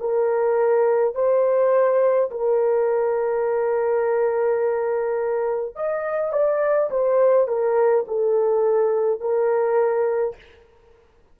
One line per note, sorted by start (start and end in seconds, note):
0.00 1.15 A#4
1.15 2.30 C5
2.31 5.75 A#4
5.75 6.33 D#5
6.33 6.90 D5
6.91 7.48 C5
7.48 8.06 A#4
8.08 9.20 A4
9.20 10.36 A#4